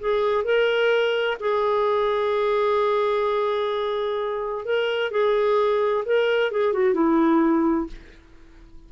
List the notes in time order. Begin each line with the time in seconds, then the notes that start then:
0.00 G#4
0.44 A#4
1.40 G#4
4.65 A#4
5.11 G#4
6.06 A#4
6.52 G#4
6.73 F#4
6.94 E4